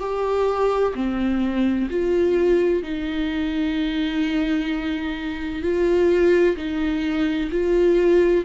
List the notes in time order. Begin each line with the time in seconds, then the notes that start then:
0.00 G4
0.95 C4
1.90 F4
2.83 D#4
5.62 F4
6.57 D#4
7.51 F4